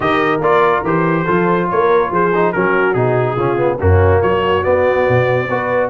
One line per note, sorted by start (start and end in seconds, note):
0.00 0.40 D#3
0.00 0.39 G4
0.00 1.24 A#4
0.00 0.41 D#5
0.40 0.82 A#3
0.40 0.84 F4
0.40 0.84 D5
0.83 1.25 E3
0.83 1.26 G4
0.83 1.70 C5
1.24 1.70 F3
1.24 2.32 F4
1.24 1.66 A4
1.70 2.10 A#3
1.70 2.11 A#4
1.70 2.12 C#5
2.10 2.53 F3
2.10 2.54 G#4
2.10 2.52 C5
2.34 2.55 D#4
2.52 2.94 F#3
2.52 2.95 C#4
2.52 3.35 F#4
2.52 2.93 A#4
2.93 3.37 B2
2.93 3.37 D#4
2.93 3.78 G#4
3.35 3.79 C#3
3.35 3.57 C#4
3.35 3.77 F4
3.57 3.78 B3
3.79 4.23 F#2
3.79 4.63 A#3
3.79 4.21 C#4
3.79 4.21 F#4
4.21 4.65 F#3
4.21 5.49 F#4
4.21 4.63 C#5
4.63 5.47 B3
4.63 5.08 B3
4.63 5.90 D5
5.08 5.49 B2
5.49 5.90 B3
5.49 5.90 F#4
5.49 5.90 B4